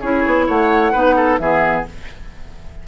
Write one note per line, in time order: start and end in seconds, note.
0.00 0.25 C#4
0.00 0.94 E4
0.00 0.45 G#4
0.00 0.46 C#5
0.26 0.48 B3
0.47 0.93 A3
0.47 0.92 C#5
0.47 1.38 F#5
0.92 1.39 B3
0.92 1.39 D#4
0.92 1.15 B4
1.16 1.39 A4
1.38 1.84 E3
1.38 1.86 B3
1.38 1.87 G#4
1.38 1.84 E5